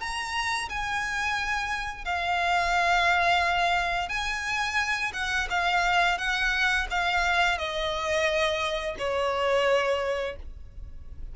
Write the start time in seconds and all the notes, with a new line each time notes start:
0.00 A#5
0.69 G#5
2.05 F5
4.09 G#5
5.13 F#5
5.50 F5
6.18 F#5
6.90 F5
7.58 D#5
8.98 C#5